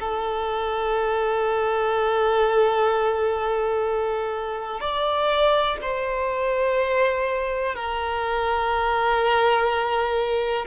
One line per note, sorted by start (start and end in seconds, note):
0.00 4.81 A4
4.81 5.78 D5
5.82 7.76 C5
7.76 10.66 A#4